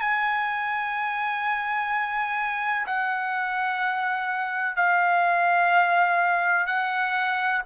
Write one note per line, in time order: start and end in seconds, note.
0.00 2.86 G#5
2.86 4.76 F#5
4.76 6.67 F5
6.67 7.62 F#5